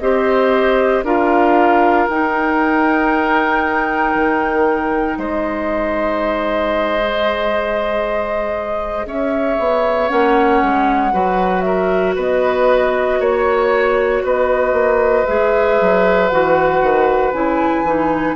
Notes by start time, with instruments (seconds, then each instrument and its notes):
0.00 bassoon C4, clarinet G4, oboe C5, flute D#5
1.04 bassoon D4, clarinet F4, oboe A#4, flute F5
2.09 bassoon D#4, clarinet D#4, flute G5
4.15 bassoon D#3
5.18 bassoon G#3, oboe C5, flute D#5
7.00 clarinet G#4
9.06 bassoon C#4, oboe C#5, flute E5
9.59 bassoon B3
10.09 bassoon A#3, clarinet C#4, flute F#5
10.63 bassoon G#3
11.13 bassoon F#3, clarinet F#4, oboe B4
11.61 oboe A#4, flute E5
12.16 bassoon B3, oboe B4, flute D#5
13.20 bassoon A#3, oboe C#5, flute C#5
14.24 bassoon B3, oboe B4, flute D#5
14.73 bassoon A#3
15.27 bassoon G#3, clarinet G#4, flute E5
15.81 bassoon F#3
16.29 bassoon E3, clarinet F#4, flute F#5
16.82 bassoon D#3
17.33 bassoon C#3, clarinet E4, flute G#5
17.84 bassoon E3, clarinet D#4